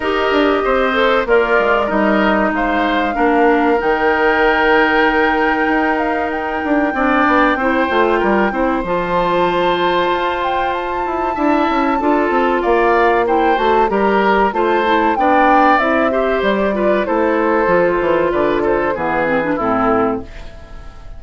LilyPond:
<<
  \new Staff \with { instrumentName = "flute" } { \time 4/4 \tempo 4 = 95 dis''2 d''4 dis''4 | f''2 g''2~ | g''4. f''8 g''2~ | g''2 a''2~ |
a''8 g''8 a''2. | f''4 g''8 a''8 ais''4 a''4 | g''4 e''4 d''4 c''4~ | c''4 d''8 c''8 b'4 a'4 | }
  \new Staff \with { instrumentName = "oboe" } { \time 4/4 ais'4 c''4 f'4 ais'4 | c''4 ais'2.~ | ais'2. d''4 | c''4 ais'8 c''2~ c''8~ |
c''2 e''4 a'4 | d''4 c''4 ais'4 c''4 | d''4. c''4 b'8 a'4~ | a'4 b'8 a'8 gis'4 e'4 | }
  \new Staff \with { instrumentName = "clarinet" } { \time 4/4 g'4. a'8 ais'4 dis'4~ | dis'4 d'4 dis'2~ | dis'2. d'4 | e'8 f'4 e'8 f'2~ |
f'2 e'4 f'4~ | f'4 e'8 fis'8 g'4 f'8 e'8 | d'4 e'8 g'4 f'8 e'4 | f'2 b8 c'16 d'16 c'4 | }
  \new Staff \with { instrumentName = "bassoon" } { \time 4/4 dis'8 d'8 c'4 ais8 gis8 g4 | gis4 ais4 dis2~ | dis4 dis'4. d'8 c'8 b8 | c'8 a8 g8 c'8 f2 |
f'4. e'8 d'8 cis'8 d'8 c'8 | ais4. a8 g4 a4 | b4 c'4 g4 a4 | f8 e8 d4 e4 a,4 | }
>>